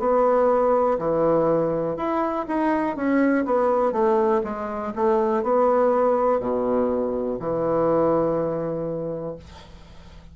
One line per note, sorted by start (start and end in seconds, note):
0.00 0.98 B3
0.99 1.97 E3
1.97 2.46 E4
2.48 2.96 D#4
2.96 3.46 C#4
3.46 3.93 B3
3.93 4.42 A3
4.44 4.93 G#3
4.96 5.43 A3
5.43 6.40 B3
6.40 7.39 B2
7.39 9.36 E3